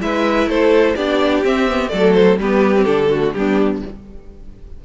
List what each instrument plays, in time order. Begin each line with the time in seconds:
0.00 cello G#3, viola E4, violin B4 E5
0.46 cello A3, violin A4 C5
0.95 cello B3, viola D4, violin G4 D5
1.44 cello C4, viola C4, violin E5
1.67 viola B3
1.89 cello F#3, viola A3, violin A4 D5
2.13 violin C5
2.37 cello G3, viola B3, violin G4 B4
2.76 viola C4
2.84 cello D3, viola D4, violin A4
3.10 viola A3, violin F#4
3.32 cello G3, viola B3, violin D4 G4